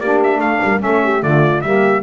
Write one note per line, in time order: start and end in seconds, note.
0.00 0.39 A#3
0.00 0.80 D4
0.00 0.41 G4
0.00 0.21 D5
0.24 0.41 E5
0.39 0.59 A3
0.39 0.61 A4
0.39 0.82 F5
0.63 0.83 G3
0.63 0.83 A#4
0.80 1.23 A3
0.80 1.20 C#4
0.80 1.04 A4
0.80 1.23 E5
1.04 1.25 G4
1.20 1.62 D3
1.20 1.61 A3
1.20 1.66 F4
1.20 1.62 D5
1.62 2.03 G3
1.62 2.03 A#3
1.62 2.03 G4
1.62 2.03 E5